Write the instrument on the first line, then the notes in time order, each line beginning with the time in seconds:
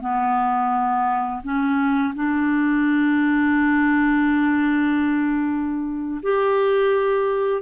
clarinet
0.00 B3
1.43 C#4
2.15 D4
6.22 G4